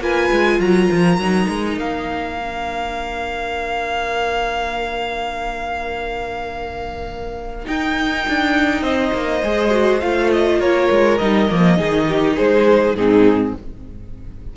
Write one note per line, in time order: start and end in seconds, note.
0.00 0.29 A#3
0.00 1.18 F4
0.00 0.58 B4
0.00 0.60 G#5
0.31 0.59 G#3
0.58 0.88 F#3
0.58 8.81 A#4
0.58 1.78 A#5
0.92 1.18 F3
1.18 1.47 F#3
1.18 2.37 D#4
1.48 1.77 G#3
1.77 7.66 A#3
1.77 7.67 F5
2.37 7.65 D4
7.65 9.41 D#4
7.65 8.26 D#4
7.65 8.82 G5
8.28 8.81 D4
8.81 9.11 C4
8.81 10.59 C5
8.81 10.00 D#5
9.12 9.42 A#3
9.43 10.02 G#3
9.43 9.70 G#4
9.70 9.99 F#4
10.00 10.59 A3
10.00 11.19 F4
10.00 10.30 F5
10.32 10.60 D#5
10.59 10.88 A#3
10.59 11.76 A#4
10.59 11.18 C#5
10.90 11.20 G#3
11.18 11.50 G3
11.18 11.49 D#4
11.18 12.35 D#5
11.49 11.79 F3
11.49 11.76 A#3
11.76 12.38 D#3
11.76 12.94 D#4
11.76 12.06 G#4
12.08 12.36 G4
12.36 12.94 G#3
12.36 12.95 G#4
12.36 12.95 C5
12.94 13.53 G#2
12.94 13.56 C4
12.94 13.56 D#4
12.94 13.54 G#4